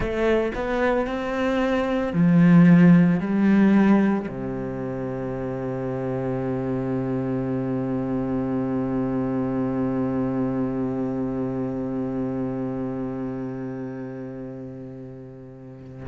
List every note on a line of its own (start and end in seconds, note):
0.00 0.52 A3
0.55 1.06 B3
1.06 2.13 C4
2.13 3.19 F3
3.19 4.27 G3
4.28 16.07 C3